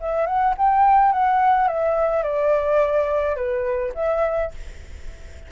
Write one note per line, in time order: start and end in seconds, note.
0.00 0.26 E5
0.26 0.54 F#5
0.57 1.12 G5
1.12 1.67 F#5
1.67 2.23 E5
2.23 3.36 D5
3.36 3.92 B4
3.94 4.51 E5